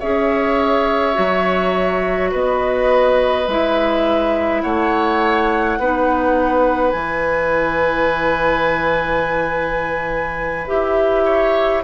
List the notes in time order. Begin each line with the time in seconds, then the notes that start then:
0.00 C#4 G#4 C#5 E5
1.14 F#3 F#4
2.31 B3 B4 D#5
3.48 G#3 E4 E5
4.62 A3 C#5 F#5
5.79 B3 D#4 B4
6.91 E3 E4 G#5
10.68 E4 G4 E5
11.25 C#5